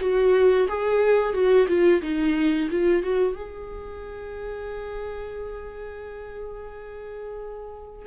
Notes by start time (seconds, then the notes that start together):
0.00 F#4
0.68 G#4
1.33 F#4
1.68 F4
2.01 D#4
2.70 F4
3.03 F#4
3.35 G#4